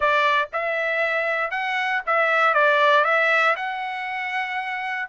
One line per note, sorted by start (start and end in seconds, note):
0.00 0.49 D5
0.52 1.50 E5
1.50 2.01 F#5
2.06 2.54 E5
2.54 3.04 D5
3.04 3.55 E5
3.56 5.08 F#5